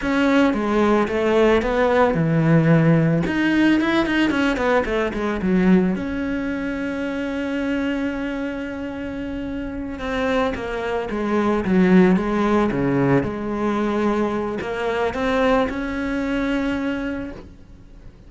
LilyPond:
\new Staff \with { instrumentName = "cello" } { \time 4/4 \tempo 4 = 111 cis'4 gis4 a4 b4 | e2 dis'4 e'8 dis'8 | cis'8 b8 a8 gis8 fis4 cis'4~ | cis'1~ |
cis'2~ cis'8 c'4 ais8~ | ais8 gis4 fis4 gis4 cis8~ | cis8 gis2~ gis8 ais4 | c'4 cis'2. | }